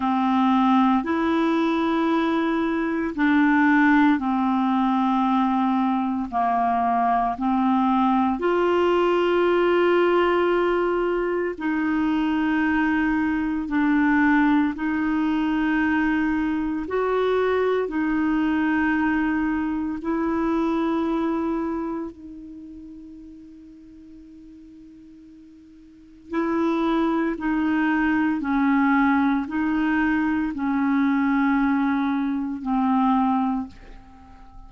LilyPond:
\new Staff \with { instrumentName = "clarinet" } { \time 4/4 \tempo 4 = 57 c'4 e'2 d'4 | c'2 ais4 c'4 | f'2. dis'4~ | dis'4 d'4 dis'2 |
fis'4 dis'2 e'4~ | e'4 dis'2.~ | dis'4 e'4 dis'4 cis'4 | dis'4 cis'2 c'4 | }